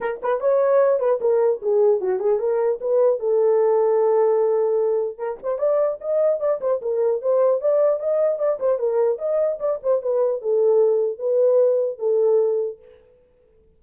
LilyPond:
\new Staff \with { instrumentName = "horn" } { \time 4/4 \tempo 4 = 150 ais'8 b'8 cis''4. b'8 ais'4 | gis'4 fis'8 gis'8 ais'4 b'4 | a'1~ | a'4 ais'8 c''8 d''4 dis''4 |
d''8 c''8 ais'4 c''4 d''4 | dis''4 d''8 c''8 ais'4 dis''4 | d''8 c''8 b'4 a'2 | b'2 a'2 | }